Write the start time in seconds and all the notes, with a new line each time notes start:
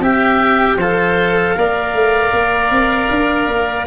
0.00 C4 G4 E5 G5
0.77 F3 A4 C5 F5
1.57 A#3 A#4 D5
1.94 A3
2.33 A#3
2.71 C4
3.11 D4
3.48 A#3